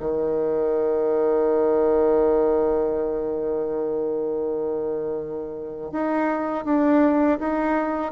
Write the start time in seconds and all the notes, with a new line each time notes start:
0.00 D#3
5.92 D#4
6.65 D4
7.39 D#4